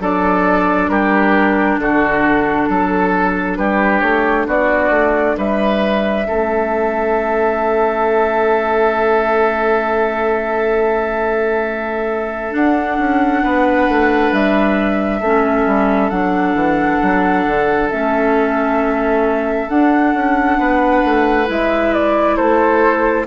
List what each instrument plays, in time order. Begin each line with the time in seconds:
0.00 bassoon F#3, clarinet D4, oboe A4, flute D5
0.89 bassoon G3, oboe G4, flute A#4
1.78 bassoon D3, oboe F#4, flute A4
2.69 bassoon F#3, oboe A4
3.57 bassoon G3, oboe G4, flute B4
4.01 bassoon A3, flute C#5
4.47 bassoon B3, oboe F#4, flute D5
4.90 bassoon A3
5.38 bassoon G3, oboe B4, flute E5
6.25 bassoon A3, clarinet C#4, oboe A4
12.51 clarinet D4, bassoon D4, flute F#5
12.99 bassoon C#4
13.43 bassoon B3, oboe B4
13.89 bassoon A3
14.32 bassoon G3, flute E5
15.21 bassoon A3, clarinet C#4, oboe A4
15.66 bassoon G3
16.10 bassoon F#3, clarinet D4, flute F#5
16.55 bassoon E3
17.03 bassoon F#3
17.47 bassoon D3
17.90 bassoon A3, clarinet C#4, flute E5
19.69 clarinet D4, bassoon D4, flute F#5
20.14 bassoon C#4
20.58 bassoon B3, oboe B4
21.05 bassoon A3
21.47 bassoon G#3, clarinet E4, flute E5
21.94 flute D5
22.37 bassoon A3, oboe A4, flute C5